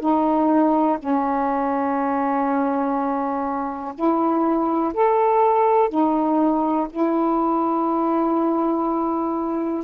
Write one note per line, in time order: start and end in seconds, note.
0.00 0.98 D#4
0.99 3.94 C#4
3.95 4.94 E4
4.94 5.89 A4
5.89 6.88 D#4
6.90 9.84 E4